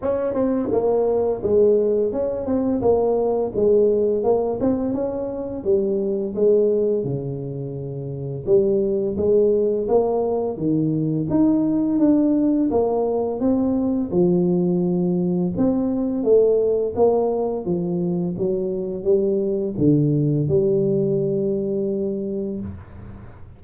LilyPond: \new Staff \with { instrumentName = "tuba" } { \time 4/4 \tempo 4 = 85 cis'8 c'8 ais4 gis4 cis'8 c'8 | ais4 gis4 ais8 c'8 cis'4 | g4 gis4 cis2 | g4 gis4 ais4 dis4 |
dis'4 d'4 ais4 c'4 | f2 c'4 a4 | ais4 f4 fis4 g4 | d4 g2. | }